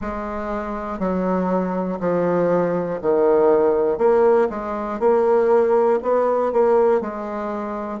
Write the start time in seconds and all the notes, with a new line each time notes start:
0.00 G#3
0.99 F#3
2.00 F3
3.01 D#3
3.98 A#3
4.50 G#3
4.99 A#3
6.02 B3
6.52 A#3
7.00 G#3